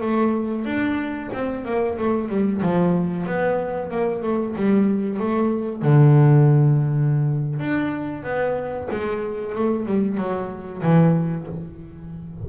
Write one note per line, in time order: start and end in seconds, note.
0.00 0.65 A3
0.65 1.29 D4
1.33 1.65 C4
1.65 1.97 A#3
1.97 2.29 A3
2.29 2.61 G3
2.62 3.26 F3
3.26 3.90 B3
3.90 4.22 A#3
4.22 4.55 A3
4.55 5.19 G3
5.19 5.82 A3
5.82 7.59 D3
7.59 8.23 D4
8.23 8.88 B3
8.90 9.55 G#3
9.55 9.85 A3
9.85 10.17 G3
10.17 10.82 F#3
10.82 11.46 E3